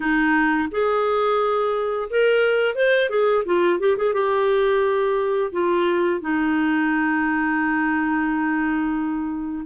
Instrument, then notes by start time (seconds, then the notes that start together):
clarinet
0.00 D#4
0.71 G#4
2.10 A#4
2.75 C5
3.09 G#4
3.45 F4
3.79 G4
3.97 G#4
4.13 G4
5.52 F4
6.20 D#4